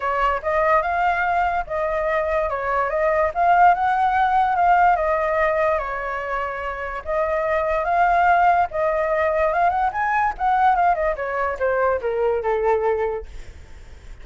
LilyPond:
\new Staff \with { instrumentName = "flute" } { \time 4/4 \tempo 4 = 145 cis''4 dis''4 f''2 | dis''2 cis''4 dis''4 | f''4 fis''2 f''4 | dis''2 cis''2~ |
cis''4 dis''2 f''4~ | f''4 dis''2 f''8 fis''8 | gis''4 fis''4 f''8 dis''8 cis''4 | c''4 ais'4 a'2 | }